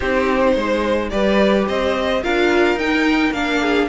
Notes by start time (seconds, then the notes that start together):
0.00 C4 D#4 G4 C5
0.54 G#3 C5
1.09 G3 G4 B4 D5
1.68 C4 C5 D#5
2.22 D4 F4 A#4 F5
2.74 D#4 G5
3.31 A#3 D4 F5
3.60 G#4